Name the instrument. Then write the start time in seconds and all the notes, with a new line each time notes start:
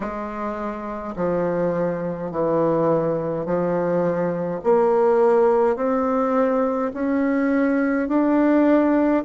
bassoon
0.00 G#3
1.15 F3
2.31 E3
3.45 F3
4.63 A#3
5.76 C4
6.93 C#4
8.08 D4